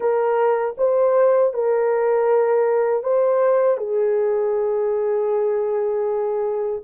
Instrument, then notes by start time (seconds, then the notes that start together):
horn
0.00 A#4
0.77 C5
1.53 A#4
3.03 C5
3.77 G#4